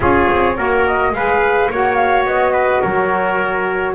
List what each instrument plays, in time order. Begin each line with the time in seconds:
0.00 double bass C#4, saxophone F4, trumpet G#4, flute C#5
0.30 double bass C4
0.56 double bass A#3, saxophone F#4, trumpet A#4
0.86 flute D#5
1.12 double bass G#3, saxophone G#4, trumpet B4, flute F5
1.69 double bass A#3, saxophone F#4, trumpet C#5, flute F#5
1.95 flute F5
2.25 double bass B3, flute D#5
2.53 trumpet B4
2.81 double bass F#3, trumpet A#4, flute C#5